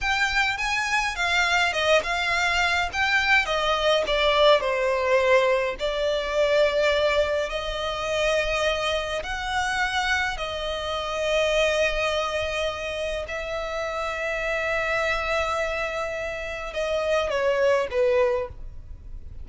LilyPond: \new Staff \with { instrumentName = "violin" } { \time 4/4 \tempo 4 = 104 g''4 gis''4 f''4 dis''8 f''8~ | f''4 g''4 dis''4 d''4 | c''2 d''2~ | d''4 dis''2. |
fis''2 dis''2~ | dis''2. e''4~ | e''1~ | e''4 dis''4 cis''4 b'4 | }